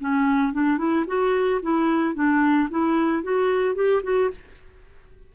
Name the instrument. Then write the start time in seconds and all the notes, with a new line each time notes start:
clarinet
0.00 C#4
0.53 D4
0.78 E4
1.07 F#4
1.62 E4
2.14 D4
2.70 E4
3.23 F#4
3.75 G4
4.03 F#4